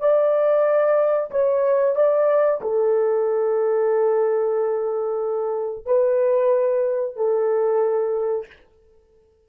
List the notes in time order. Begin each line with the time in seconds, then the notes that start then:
0.00 D5
1.30 C#5
1.96 D5
2.61 A4
5.85 B4
7.16 A4